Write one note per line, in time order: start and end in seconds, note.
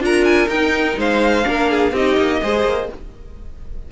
0.00 0.48 D4
0.00 0.48 F4
0.00 0.99 A#4
0.00 0.24 A#5
0.24 0.48 G#5
0.49 0.97 D#4
0.49 1.44 D#4
0.49 0.97 G5
0.97 1.45 G#3
0.97 1.47 C5
0.97 1.96 F5
1.44 1.92 A#3
1.44 1.92 D4
1.44 1.71 A#4
1.71 1.93 G#4
1.92 2.16 C4
1.92 2.41 D#4
1.92 2.41 G4
1.92 2.92 D#5
2.17 2.41 A#3
2.41 2.65 G#3
2.41 2.89 G#4
2.41 2.90 C5
2.65 2.89 A#3